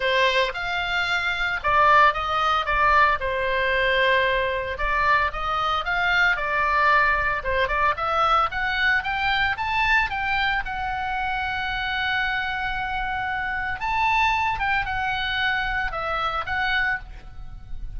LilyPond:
\new Staff \with { instrumentName = "oboe" } { \time 4/4 \tempo 4 = 113 c''4 f''2 d''4 | dis''4 d''4 c''2~ | c''4 d''4 dis''4 f''4 | d''2 c''8 d''8 e''4 |
fis''4 g''4 a''4 g''4 | fis''1~ | fis''2 a''4. g''8 | fis''2 e''4 fis''4 | }